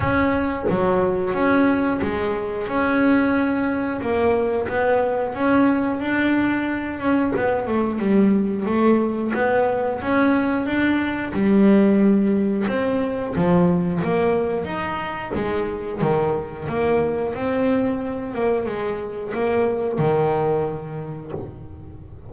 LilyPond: \new Staff \with { instrumentName = "double bass" } { \time 4/4 \tempo 4 = 90 cis'4 fis4 cis'4 gis4 | cis'2 ais4 b4 | cis'4 d'4. cis'8 b8 a8 | g4 a4 b4 cis'4 |
d'4 g2 c'4 | f4 ais4 dis'4 gis4 | dis4 ais4 c'4. ais8 | gis4 ais4 dis2 | }